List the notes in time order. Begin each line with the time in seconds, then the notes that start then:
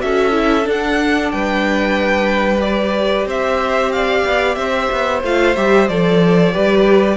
0.00 C#4 F#4 A4 E5
0.32 E4
0.62 D4
0.70 F#5
1.31 G3 B4 G5
2.60 G4 D5
3.26 C4 C5 E5
3.92 D5 F5
4.24 B3
4.55 C4 C5 E5
4.91 B3
5.23 A3 F4 F5
5.55 G3 G4 E5
5.88 F3 A4 D5
6.52 G3 G4 B4